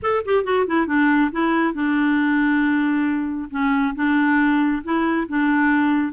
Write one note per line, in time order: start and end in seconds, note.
0.02 0.24 A4
0.25 0.44 G4
0.44 0.65 F#4
0.66 0.87 E4
0.87 1.30 D4
1.31 1.74 E4
1.74 3.49 D4
3.50 3.94 C#4
3.95 4.83 D4
4.83 5.27 E4
5.28 6.12 D4